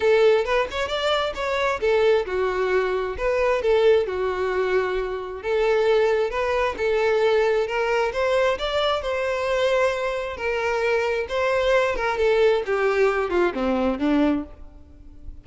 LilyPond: \new Staff \with { instrumentName = "violin" } { \time 4/4 \tempo 4 = 133 a'4 b'8 cis''8 d''4 cis''4 | a'4 fis'2 b'4 | a'4 fis'2. | a'2 b'4 a'4~ |
a'4 ais'4 c''4 d''4 | c''2. ais'4~ | ais'4 c''4. ais'8 a'4 | g'4. f'8 c'4 d'4 | }